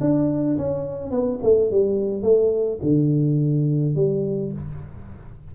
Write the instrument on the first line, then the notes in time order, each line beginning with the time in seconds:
tuba
0.00 D4
0.57 C#4
1.10 B3
1.42 A3
1.70 G3
2.22 A3
2.82 D3
3.95 G3